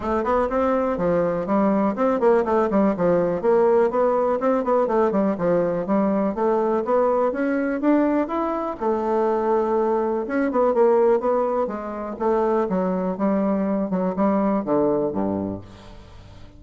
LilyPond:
\new Staff \with { instrumentName = "bassoon" } { \time 4/4 \tempo 4 = 123 a8 b8 c'4 f4 g4 | c'8 ais8 a8 g8 f4 ais4 | b4 c'8 b8 a8 g8 f4 | g4 a4 b4 cis'4 |
d'4 e'4 a2~ | a4 cis'8 b8 ais4 b4 | gis4 a4 fis4 g4~ | g8 fis8 g4 d4 g,4 | }